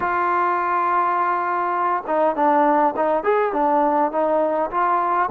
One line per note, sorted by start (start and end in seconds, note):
0.00 2.03 F4
2.06 2.35 D#4
2.35 2.94 D4
2.96 3.23 D#4
3.23 3.52 G#4
3.52 4.11 D4
4.11 4.70 D#4
4.70 5.29 F4